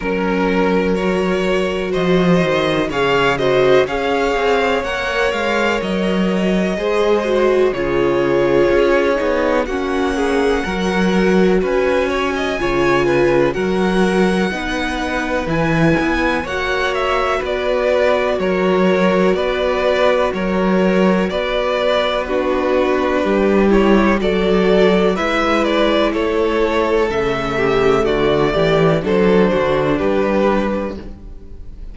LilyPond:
<<
  \new Staff \with { instrumentName = "violin" } { \time 4/4 \tempo 4 = 62 ais'4 cis''4 dis''4 f''8 dis''8 | f''4 fis''8 f''8 dis''2 | cis''2 fis''2 | gis''2 fis''2 |
gis''4 fis''8 e''8 d''4 cis''4 | d''4 cis''4 d''4 b'4~ | b'8 cis''8 d''4 e''8 d''8 cis''4 | e''4 d''4 c''4 b'4 | }
  \new Staff \with { instrumentName = "violin" } { \time 4/4 ais'2 c''4 cis''8 c''8 | cis''2. c''4 | gis'2 fis'8 gis'8 ais'4 | b'8 cis''16 dis''16 cis''8 b'8 ais'4 b'4~ |
b'4 cis''4 b'4 ais'4 | b'4 ais'4 b'4 fis'4 | g'4 a'4 b'4 a'4~ | a'8 g'8 fis'8 g'8 a'8 fis'8 g'4 | }
  \new Staff \with { instrumentName = "viola" } { \time 4/4 cis'4 fis'2 gis'8 fis'8 | gis'4 ais'2 gis'8 fis'8 | f'4. dis'8 cis'4 fis'4~ | fis'4 f'4 fis'4 dis'4 |
e'4 fis'2.~ | fis'2. d'4~ | d'8 e'8 fis'4 e'2 | a2 d'2 | }
  \new Staff \with { instrumentName = "cello" } { \time 4/4 fis2 f8 dis8 cis4 | cis'8 c'8 ais8 gis8 fis4 gis4 | cis4 cis'8 b8 ais4 fis4 | cis'4 cis4 fis4 b4 |
e8 b8 ais4 b4 fis4 | b4 fis4 b2 | g4 fis4 gis4 a4 | cis4 d8 e8 fis8 d8 g4 | }
>>